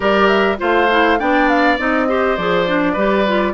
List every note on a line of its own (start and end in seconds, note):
0.00 0.58 G3
0.00 0.58 G4
0.00 0.57 A#4
0.00 0.27 D5
0.27 0.57 E5
0.58 1.20 A3
0.58 0.87 F4
0.58 1.19 C5
0.58 1.19 F5
0.91 1.19 E4
1.19 1.78 B3
1.19 1.78 D4
1.19 2.08 D5
1.19 1.48 G5
1.48 1.78 F5
1.78 2.37 C4
1.78 2.08 D#4
1.78 2.37 D#5
2.08 2.37 G4
2.08 2.93 C5
2.37 2.95 F3
2.37 2.67 G#4
2.37 3.53 D5
2.67 2.96 D4
2.93 3.53 G3
2.93 3.26 G4
2.93 3.52 B4
3.27 3.53 F4